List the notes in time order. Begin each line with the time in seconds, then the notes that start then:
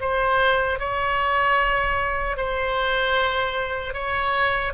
0.00 C5
0.79 C#5
2.36 C5
3.93 C#5